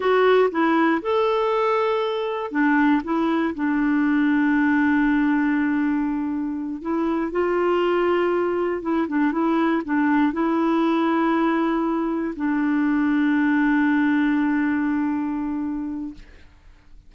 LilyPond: \new Staff \with { instrumentName = "clarinet" } { \time 4/4 \tempo 4 = 119 fis'4 e'4 a'2~ | a'4 d'4 e'4 d'4~ | d'1~ | d'4. e'4 f'4.~ |
f'4. e'8 d'8 e'4 d'8~ | d'8 e'2.~ e'8~ | e'8 d'2.~ d'8~ | d'1 | }